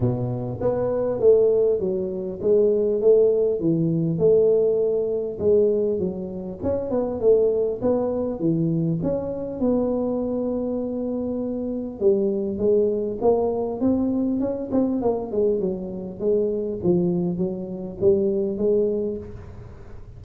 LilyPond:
\new Staff \with { instrumentName = "tuba" } { \time 4/4 \tempo 4 = 100 b,4 b4 a4 fis4 | gis4 a4 e4 a4~ | a4 gis4 fis4 cis'8 b8 | a4 b4 e4 cis'4 |
b1 | g4 gis4 ais4 c'4 | cis'8 c'8 ais8 gis8 fis4 gis4 | f4 fis4 g4 gis4 | }